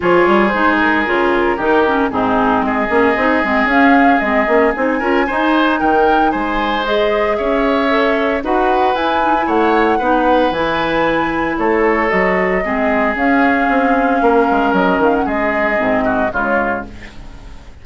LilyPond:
<<
  \new Staff \with { instrumentName = "flute" } { \time 4/4 \tempo 4 = 114 cis''4 c''8 ais'2~ ais'8 | gis'4 dis''2 f''4 | dis''4 gis''2 g''4 | gis''4 dis''4 e''2 |
fis''4 gis''4 fis''2 | gis''2 cis''4 dis''4~ | dis''4 f''2. | dis''8 f''16 fis''16 dis''2 cis''4 | }
  \new Staff \with { instrumentName = "oboe" } { \time 4/4 gis'2. g'4 | dis'4 gis'2.~ | gis'4. ais'8 c''4 ais'4 | c''2 cis''2 |
b'2 cis''4 b'4~ | b'2 a'2 | gis'2. ais'4~ | ais'4 gis'4. fis'8 f'4 | }
  \new Staff \with { instrumentName = "clarinet" } { \time 4/4 f'4 dis'4 f'4 dis'8 cis'8 | c'4. cis'8 dis'8 c'8 cis'4 | c'8 cis'8 dis'8 f'8 dis'2~ | dis'4 gis'2 a'4 |
fis'4 e'8 dis'16 e'4~ e'16 dis'4 | e'2. fis'4 | c'4 cis'2.~ | cis'2 c'4 gis4 | }
  \new Staff \with { instrumentName = "bassoon" } { \time 4/4 f8 g8 gis4 cis4 dis4 | gis,4 gis8 ais8 c'8 gis8 cis'4 | gis8 ais8 c'8 cis'8 dis'4 dis4 | gis2 cis'2 |
dis'4 e'4 a4 b4 | e2 a4 fis4 | gis4 cis'4 c'4 ais8 gis8 | fis8 dis8 gis4 gis,4 cis4 | }
>>